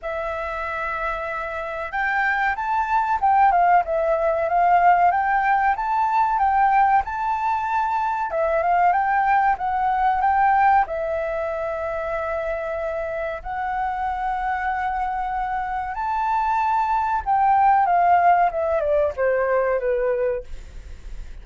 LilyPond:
\new Staff \with { instrumentName = "flute" } { \time 4/4 \tempo 4 = 94 e''2. g''4 | a''4 g''8 f''8 e''4 f''4 | g''4 a''4 g''4 a''4~ | a''4 e''8 f''8 g''4 fis''4 |
g''4 e''2.~ | e''4 fis''2.~ | fis''4 a''2 g''4 | f''4 e''8 d''8 c''4 b'4 | }